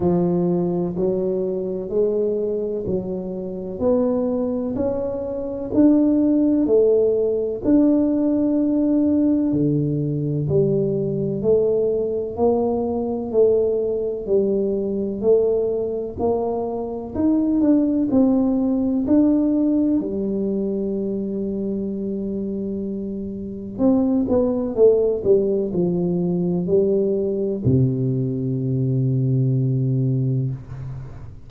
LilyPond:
\new Staff \with { instrumentName = "tuba" } { \time 4/4 \tempo 4 = 63 f4 fis4 gis4 fis4 | b4 cis'4 d'4 a4 | d'2 d4 g4 | a4 ais4 a4 g4 |
a4 ais4 dis'8 d'8 c'4 | d'4 g2.~ | g4 c'8 b8 a8 g8 f4 | g4 c2. | }